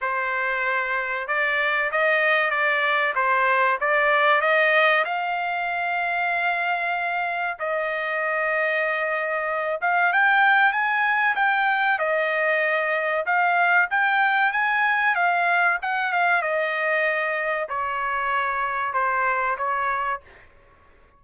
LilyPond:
\new Staff \with { instrumentName = "trumpet" } { \time 4/4 \tempo 4 = 95 c''2 d''4 dis''4 | d''4 c''4 d''4 dis''4 | f''1 | dis''2.~ dis''8 f''8 |
g''4 gis''4 g''4 dis''4~ | dis''4 f''4 g''4 gis''4 | f''4 fis''8 f''8 dis''2 | cis''2 c''4 cis''4 | }